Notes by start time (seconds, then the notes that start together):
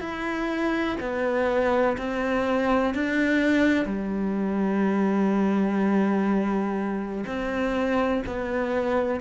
0.00 E4
1.00 B3
1.98 C4
2.94 D4
3.85 G3
7.26 C4
8.26 B3